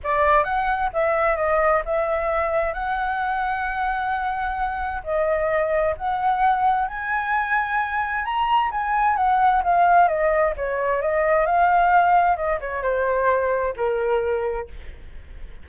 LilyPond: \new Staff \with { instrumentName = "flute" } { \time 4/4 \tempo 4 = 131 d''4 fis''4 e''4 dis''4 | e''2 fis''2~ | fis''2. dis''4~ | dis''4 fis''2 gis''4~ |
gis''2 ais''4 gis''4 | fis''4 f''4 dis''4 cis''4 | dis''4 f''2 dis''8 cis''8 | c''2 ais'2 | }